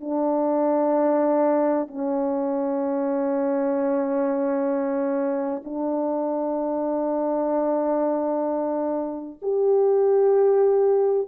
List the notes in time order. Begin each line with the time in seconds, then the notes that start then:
0.00 D4
1.87 C#4
5.64 D4
9.42 G4